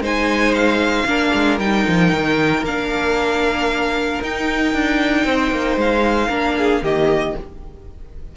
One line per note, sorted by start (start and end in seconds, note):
0.00 1.04 G#3
0.00 1.07 D#4
0.00 1.07 C5
0.00 0.55 G#5
0.55 1.59 F5
1.06 1.32 A#3
1.06 1.60 D4
1.06 5.26 A#4
1.34 1.59 G#3
1.59 1.85 G3
1.59 2.65 D#4
1.59 2.64 G5
1.88 2.13 F3
2.13 2.63 D#3
2.63 4.19 A#3
2.63 4.23 D4
2.63 4.22 F5
4.22 4.74 D#4
4.22 6.30 D#4
4.22 5.80 G5
4.74 5.25 D4
5.25 5.51 C4
5.25 6.28 C5
5.52 5.77 A#3
5.77 6.29 G#3
5.77 6.84 F5
6.28 6.81 A#3
6.28 6.82 D4
6.28 6.54 A#4
6.58 6.83 G#4
6.82 7.35 D#3
6.82 7.37 A#3
6.82 7.35 G4
6.82 7.36 D#5